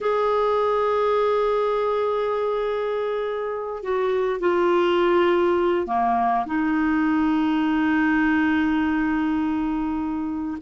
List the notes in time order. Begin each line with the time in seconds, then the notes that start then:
0.00 G#4
3.82 F#4
4.40 F4
5.86 A#3
6.45 D#4